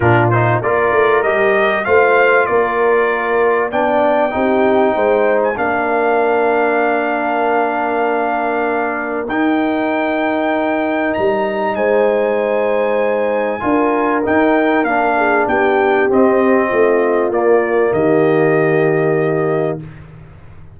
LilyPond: <<
  \new Staff \with { instrumentName = "trumpet" } { \time 4/4 \tempo 4 = 97 ais'8 c''8 d''4 dis''4 f''4 | d''2 g''2~ | g''8. gis''16 f''2.~ | f''2. g''4~ |
g''2 ais''4 gis''4~ | gis''2. g''4 | f''4 g''4 dis''2 | d''4 dis''2. | }
  \new Staff \with { instrumentName = "horn" } { \time 4/4 f'4 ais'2 c''4 | ais'2 d''4 g'4 | c''4 ais'2.~ | ais'1~ |
ais'2. c''4~ | c''2 ais'2~ | ais'8 gis'8 g'2 f'4~ | f'4 g'2. | }
  \new Staff \with { instrumentName = "trombone" } { \time 4/4 d'8 dis'8 f'4 g'4 f'4~ | f'2 d'4 dis'4~ | dis'4 d'2.~ | d'2. dis'4~ |
dis'1~ | dis'2 f'4 dis'4 | d'2 c'2 | ais1 | }
  \new Staff \with { instrumentName = "tuba" } { \time 4/4 ais,4 ais8 a8 g4 a4 | ais2 b4 c'4 | gis4 ais2.~ | ais2. dis'4~ |
dis'2 g4 gis4~ | gis2 d'4 dis'4 | ais4 b4 c'4 a4 | ais4 dis2. | }
>>